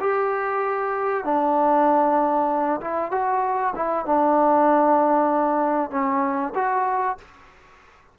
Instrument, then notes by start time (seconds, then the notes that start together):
trombone
0.00 G4
1.24 D4
2.81 E4
3.11 F#4
3.76 E4
4.06 D4
5.91 C#4
6.55 F#4